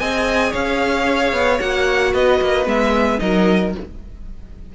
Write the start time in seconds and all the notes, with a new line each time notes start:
0.00 C4 G#4 D#5 G#5
0.51 C#4 C#5 F5
1.33 B3
1.59 A#3 F#4 F#5
2.14 B3 B4 D#5
2.42 A#3
2.66 G#3 B3 E5
3.19 F#3 D#4 A#4 D#5